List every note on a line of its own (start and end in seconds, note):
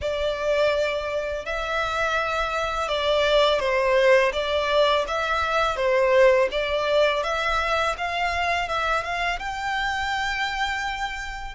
0.01 1.45 D5
1.45 2.88 E5
2.88 3.59 D5
3.59 4.31 C5
4.32 5.05 D5
5.07 5.76 E5
5.76 6.48 C5
6.51 7.23 D5
7.23 7.95 E5
7.97 8.68 F5
8.68 9.03 E5
9.03 9.39 F5
9.39 11.55 G5